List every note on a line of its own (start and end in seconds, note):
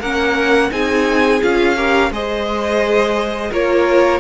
0.00 0.71 A#3
0.00 0.71 C#4
0.00 0.70 A#4
0.00 0.72 F#5
0.71 1.41 C4
0.71 1.41 D#4
0.71 1.76 G#4
0.71 1.42 G#5
1.42 2.11 C#4
1.42 1.77 F4
1.42 2.12 F5
1.76 2.12 G4
1.76 2.11 A#4
2.11 3.51 G#3
2.11 3.52 G#4
2.11 3.51 C5
2.11 3.53 D#5
3.51 4.21 A#3
3.51 4.21 F4
3.51 4.21 A#4
3.51 4.21 C#5